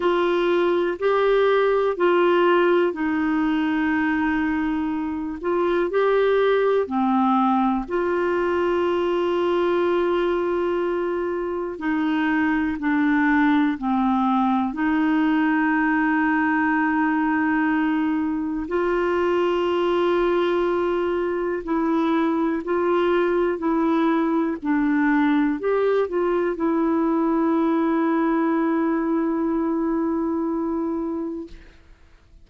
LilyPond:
\new Staff \with { instrumentName = "clarinet" } { \time 4/4 \tempo 4 = 61 f'4 g'4 f'4 dis'4~ | dis'4. f'8 g'4 c'4 | f'1 | dis'4 d'4 c'4 dis'4~ |
dis'2. f'4~ | f'2 e'4 f'4 | e'4 d'4 g'8 f'8 e'4~ | e'1 | }